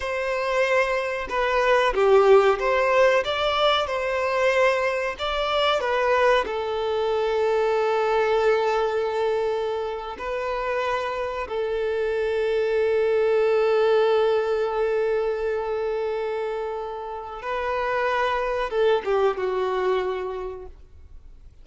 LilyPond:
\new Staff \with { instrumentName = "violin" } { \time 4/4 \tempo 4 = 93 c''2 b'4 g'4 | c''4 d''4 c''2 | d''4 b'4 a'2~ | a'2.~ a'8. b'16~ |
b'4.~ b'16 a'2~ a'16~ | a'1~ | a'2. b'4~ | b'4 a'8 g'8 fis'2 | }